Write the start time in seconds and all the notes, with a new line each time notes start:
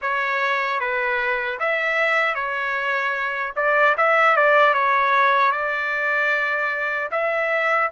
0.01 C#5
0.79 B4
1.59 E5
2.35 C#5
3.56 D5
3.97 E5
4.36 D5
4.73 C#5
5.51 D5
7.11 E5